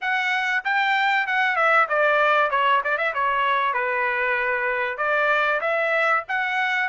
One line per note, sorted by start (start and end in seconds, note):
0.01 0.63 F#5
0.64 1.26 G5
1.26 1.55 F#5
1.55 1.87 E5
1.88 2.50 D5
2.50 2.81 C#5
2.84 2.97 D5
2.97 3.13 E5
3.13 3.73 C#5
3.73 4.97 B4
4.97 5.60 D5
5.61 6.23 E5
6.28 6.89 F#5